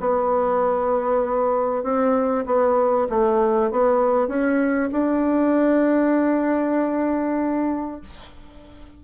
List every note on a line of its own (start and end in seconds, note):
0.00 1.84 B3
1.84 2.45 C4
2.46 3.08 B3
3.10 3.71 A3
3.71 4.28 B3
4.28 4.90 C#4
4.92 8.01 D4